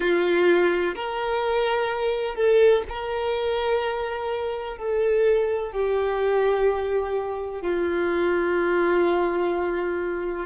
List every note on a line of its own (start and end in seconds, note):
0.00 0.94 F4
0.95 2.35 A#4
2.35 2.83 A4
2.88 4.77 A#4
4.77 5.71 A4
5.71 7.61 G4
7.61 10.46 F4